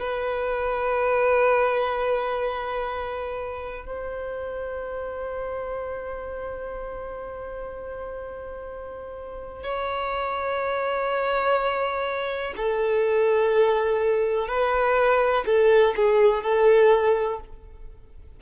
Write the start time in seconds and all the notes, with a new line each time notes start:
0.00 B4
3.86 C5
9.64 C#5
12.57 A4
14.48 B4
15.46 A4
15.96 G#4
16.44 A4